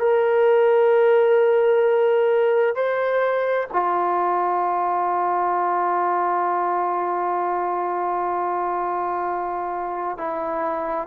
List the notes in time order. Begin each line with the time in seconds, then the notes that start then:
0.00 A#4
2.75 C5
3.73 F4
10.18 E4